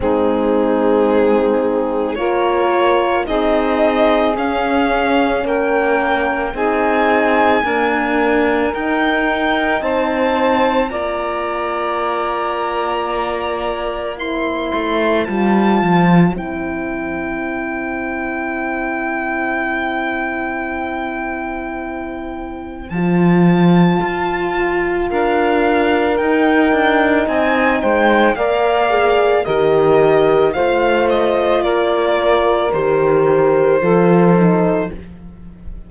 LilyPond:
<<
  \new Staff \with { instrumentName = "violin" } { \time 4/4 \tempo 4 = 55 gis'2 cis''4 dis''4 | f''4 g''4 gis''2 | g''4 a''4 ais''2~ | ais''4 c'''4 a''4 g''4~ |
g''1~ | g''4 a''2 f''4 | g''4 gis''8 g''8 f''4 dis''4 | f''8 dis''8 d''4 c''2 | }
  \new Staff \with { instrumentName = "saxophone" } { \time 4/4 dis'2 ais'4 gis'4~ | gis'4 ais'4 gis'4 ais'4~ | ais'4 c''4 d''2~ | d''4 c''2.~ |
c''1~ | c''2. ais'4~ | ais'4 dis''8 c''8 d''4 ais'4 | c''4 ais'2 a'4 | }
  \new Staff \with { instrumentName = "horn" } { \time 4/4 c'2 f'4 dis'4 | cis'2 dis'4 ais4 | dis'2 f'2~ | f'4 e'4 f'4 e'4~ |
e'1~ | e'4 f'2. | dis'2 ais'8 gis'8 g'4 | f'2 g'4 f'8 dis'8 | }
  \new Staff \with { instrumentName = "cello" } { \time 4/4 gis2 ais4 c'4 | cis'4 ais4 c'4 d'4 | dis'4 c'4 ais2~ | ais4. a8 g8 f8 c'4~ |
c'1~ | c'4 f4 f'4 d'4 | dis'8 d'8 c'8 gis8 ais4 dis4 | a4 ais4 dis4 f4 | }
>>